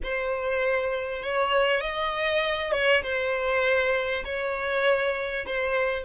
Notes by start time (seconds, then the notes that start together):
0.03 C5
1.22 C#5
1.80 D#5
2.72 C#5
3.02 C5
4.24 C#5
5.45 C5